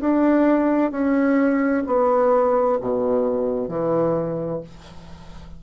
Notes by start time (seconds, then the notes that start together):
0.00 D4
0.91 C#4
1.86 B3
2.80 B2
3.68 E3